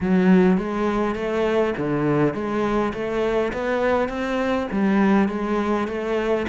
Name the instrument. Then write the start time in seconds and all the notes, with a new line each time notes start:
cello
0.00 F#3
0.57 G#3
1.15 A3
1.77 D3
2.34 G#3
2.93 A3
3.52 B3
4.08 C4
4.71 G3
5.28 G#3
5.87 A3